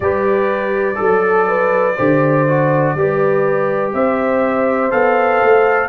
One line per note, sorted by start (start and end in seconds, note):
0.00 0.97 G3
0.00 0.95 G4
0.00 0.96 B4
0.00 3.90 D5
0.95 1.98 F#3
0.95 1.93 A4
0.95 1.45 A4
1.48 1.96 B4
1.96 2.94 D3
1.96 2.47 G4
1.96 2.94 C5
2.48 2.97 F#4
2.94 3.92 G3
2.94 4.91 G4
2.94 3.93 B4
3.93 4.92 C4
3.93 5.89 C5
3.93 4.91 E5
4.91 5.42 B3
4.91 5.89 A4
4.91 5.89 F5
5.42 5.89 A3